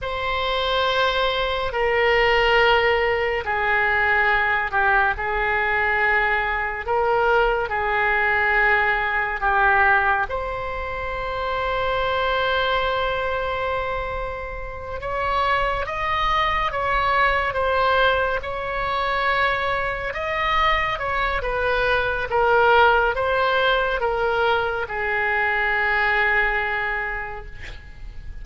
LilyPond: \new Staff \with { instrumentName = "oboe" } { \time 4/4 \tempo 4 = 70 c''2 ais'2 | gis'4. g'8 gis'2 | ais'4 gis'2 g'4 | c''1~ |
c''4. cis''4 dis''4 cis''8~ | cis''8 c''4 cis''2 dis''8~ | dis''8 cis''8 b'4 ais'4 c''4 | ais'4 gis'2. | }